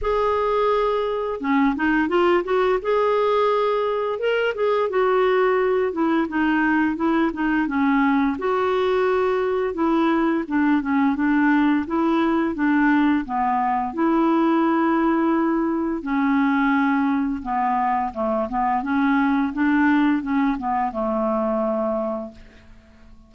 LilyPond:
\new Staff \with { instrumentName = "clarinet" } { \time 4/4 \tempo 4 = 86 gis'2 cis'8 dis'8 f'8 fis'8 | gis'2 ais'8 gis'8 fis'4~ | fis'8 e'8 dis'4 e'8 dis'8 cis'4 | fis'2 e'4 d'8 cis'8 |
d'4 e'4 d'4 b4 | e'2. cis'4~ | cis'4 b4 a8 b8 cis'4 | d'4 cis'8 b8 a2 | }